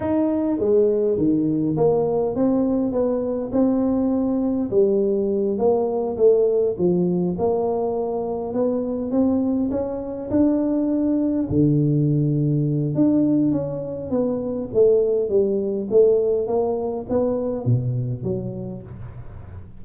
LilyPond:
\new Staff \with { instrumentName = "tuba" } { \time 4/4 \tempo 4 = 102 dis'4 gis4 dis4 ais4 | c'4 b4 c'2 | g4. ais4 a4 f8~ | f8 ais2 b4 c'8~ |
c'8 cis'4 d'2 d8~ | d2 d'4 cis'4 | b4 a4 g4 a4 | ais4 b4 b,4 fis4 | }